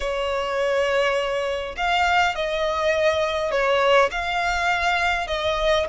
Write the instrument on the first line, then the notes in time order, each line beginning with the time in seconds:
violin
0.00 C#5
1.76 F5
2.35 D#5
3.51 C#5
4.11 F5
5.27 D#5